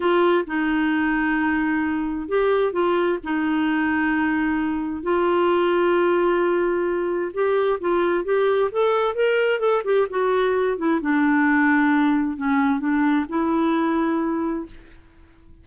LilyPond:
\new Staff \with { instrumentName = "clarinet" } { \time 4/4 \tempo 4 = 131 f'4 dis'2.~ | dis'4 g'4 f'4 dis'4~ | dis'2. f'4~ | f'1 |
g'4 f'4 g'4 a'4 | ais'4 a'8 g'8 fis'4. e'8 | d'2. cis'4 | d'4 e'2. | }